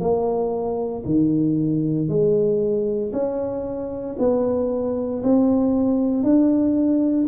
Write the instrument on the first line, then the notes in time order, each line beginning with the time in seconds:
tuba
0.00 A#3
1.06 D#3
2.09 G#3
3.13 C#4
4.19 B3
5.23 C4
6.24 D4